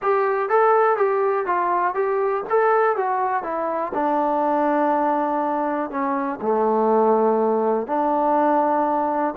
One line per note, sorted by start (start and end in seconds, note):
0.02 0.49 G4
0.49 0.96 A4
0.96 1.46 G4
1.46 1.94 F4
1.94 2.43 G4
2.49 2.96 A4
2.96 3.43 F#4
3.43 3.92 E4
3.93 5.90 D4
5.90 6.39 C#4
6.41 7.86 A3
7.86 9.34 D4